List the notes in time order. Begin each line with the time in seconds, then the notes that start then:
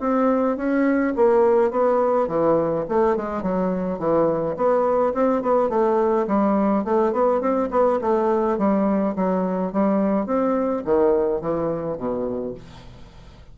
0.00 C4
0.57 C#4
1.16 A#3
1.71 B3
2.28 E3
2.89 A3
3.16 G#3
3.43 F#3
3.98 E3
4.56 B3
5.14 C4
5.42 B3
5.69 A3
6.27 G3
6.84 A3
7.12 B3
7.41 C4
7.71 B3
8.01 A3
8.58 G3
9.16 F#3
9.72 G3
10.26 C4
10.85 D#3
11.41 E3
11.97 B2